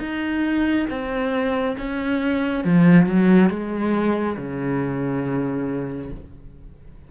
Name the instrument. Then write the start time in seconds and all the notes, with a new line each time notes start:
cello
0.00 D#4
0.90 C4
1.78 C#4
2.65 F3
3.07 F#3
3.50 G#3
4.38 C#3